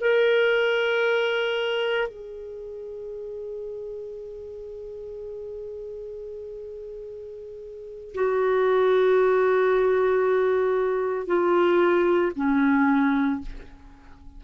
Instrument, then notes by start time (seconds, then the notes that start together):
clarinet
0.00 A#4
2.08 G#4
8.14 F#4
11.27 F4
12.35 C#4